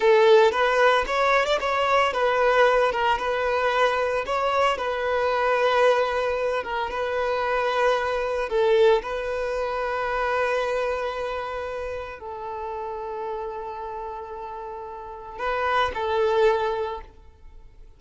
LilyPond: \new Staff \with { instrumentName = "violin" } { \time 4/4 \tempo 4 = 113 a'4 b'4 cis''8. d''16 cis''4 | b'4. ais'8 b'2 | cis''4 b'2.~ | b'8 ais'8 b'2. |
a'4 b'2.~ | b'2. a'4~ | a'1~ | a'4 b'4 a'2 | }